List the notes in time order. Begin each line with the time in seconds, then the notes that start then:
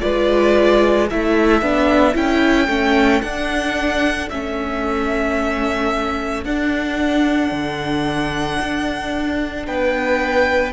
0.00 G#3 F4 B4 D5
1.09 A3 E4 A4 E5
1.61 B3 D4
2.13 C#4 E4 G5
2.68 A3 C#4
3.21 D4 F#5
4.29 A3 C#4 E5
6.44 D4 F#5
7.51 D3
8.60 D4
9.66 B3 B4 G5